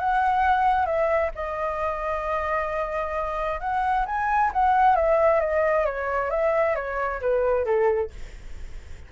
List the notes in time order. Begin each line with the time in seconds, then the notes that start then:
0.00 F#5
0.86 E5
1.36 D#5
3.61 F#5
4.06 G#5
4.53 F#5
4.96 E5
5.41 D#5
5.86 C#5
6.31 E5
6.76 C#5
7.22 B4
7.65 A4